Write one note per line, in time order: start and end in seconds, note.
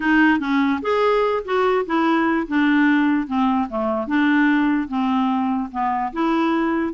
0.00 0.39 D#4
0.39 0.80 C#4
0.82 1.43 G#4
1.45 1.85 F#4
1.86 2.47 E4
2.47 3.27 D4
3.27 3.68 C4
3.69 4.07 A3
4.07 4.88 D4
4.88 5.69 C4
5.71 6.12 B3
6.12 6.93 E4